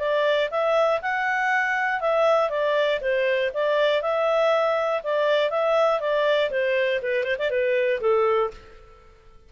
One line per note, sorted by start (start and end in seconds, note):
0.00 0.50 D5
0.51 1.01 E5
1.02 2.01 F#5
2.01 2.50 E5
2.50 3.00 D5
3.02 3.52 C5
3.54 4.02 D5
4.02 5.02 E5
5.04 5.50 D5
5.50 6.00 E5
6.00 6.50 D5
6.51 7.01 C5
7.03 7.24 B4
7.24 7.37 C5
7.39 7.51 D5
7.51 8.01 B4
8.01 8.51 A4